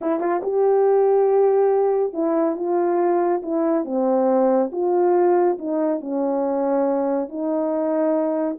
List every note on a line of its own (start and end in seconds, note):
0.01 0.19 E4
0.19 0.41 F4
0.42 2.13 G4
2.13 2.55 E4
2.55 3.41 F4
3.42 3.85 E4
3.85 4.70 C4
4.72 5.58 F4
5.58 6.00 D#4
6.00 7.28 C#4
7.28 8.57 D#4